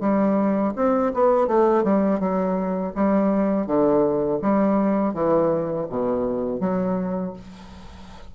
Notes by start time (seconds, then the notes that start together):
0.00 G3
0.76 C4
1.13 B3
1.47 A3
1.84 G3
2.20 F#3
2.95 G3
3.66 D3
4.42 G3
5.14 E3
5.89 B2
6.60 F#3